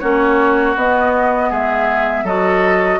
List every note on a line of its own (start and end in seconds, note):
0.00 0.76 A#3
0.00 0.77 C#4
0.00 1.50 F#4
0.00 0.75 C#5
0.76 1.51 B3
0.76 2.27 B3
0.76 1.53 D#5
1.50 2.24 G#3
1.50 2.25 G#4
1.50 2.28 E5
2.24 2.99 F#3
2.24 3.00 F#4
2.24 3.00 A4
2.24 3.00 D#5